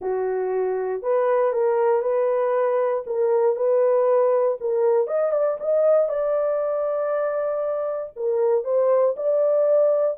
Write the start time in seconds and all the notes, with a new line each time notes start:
0.01 F#4
1.02 B4
1.53 A#4
2.02 B4
3.06 A#4
3.55 B4
4.60 A#4
5.07 D#5
5.32 D5
5.59 D#5
6.09 D5
8.16 A#4
8.64 C5
9.16 D5